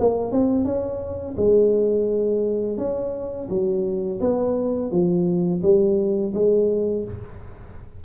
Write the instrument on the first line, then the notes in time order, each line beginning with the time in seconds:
tuba
0.00 A#3
0.32 C4
0.65 C#4
1.37 G#3
2.78 C#4
3.50 F#3
4.21 B3
4.92 F3
5.63 G3
6.34 G#3